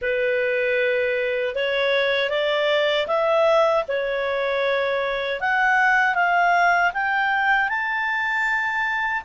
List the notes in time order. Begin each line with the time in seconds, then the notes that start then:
0.01 B4
1.55 C#5
2.29 D5
3.07 E5
3.87 C#5
5.40 F#5
6.14 F5
6.93 G5
7.68 A5